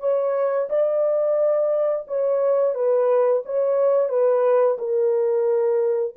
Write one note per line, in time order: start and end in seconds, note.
0.00 0.68 C#5
0.69 2.06 D5
2.07 2.75 C#5
2.75 3.43 B4
3.45 4.09 C#5
4.09 4.77 B4
4.78 6.15 A#4